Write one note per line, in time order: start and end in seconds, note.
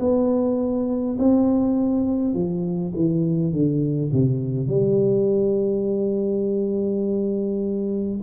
0.00 1.18 B3
1.19 2.34 C4
2.34 2.93 F3
2.96 3.52 E3
3.52 4.11 D3
4.13 4.68 C3
4.68 8.21 G3